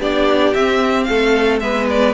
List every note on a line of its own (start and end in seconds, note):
0.00 0.54 B3
0.00 0.54 D4
0.00 1.07 G4
0.00 0.54 D5
0.54 1.62 C4
0.54 1.08 C4
0.54 1.04 E5
1.04 1.61 A3
1.04 1.62 A4
1.04 1.58 F5
1.60 2.14 G#3
1.60 2.14 B3
1.60 2.14 B4
1.60 1.87 E5
1.90 2.14 D5